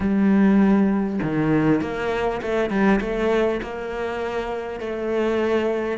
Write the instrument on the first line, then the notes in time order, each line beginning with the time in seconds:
cello
0.00 G3
1.22 D#3
1.81 A#3
2.42 A3
2.69 G3
3.00 A3
3.62 A#3
4.80 A3